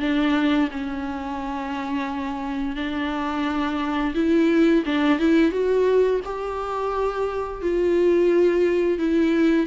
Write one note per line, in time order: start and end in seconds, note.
0.00 0.69 D4
0.71 2.76 C#4
2.76 4.14 D4
4.15 4.84 E4
4.85 5.19 D4
5.19 5.52 E4
5.52 6.21 F#4
6.25 7.62 G4
7.62 8.99 F4
8.99 9.67 E4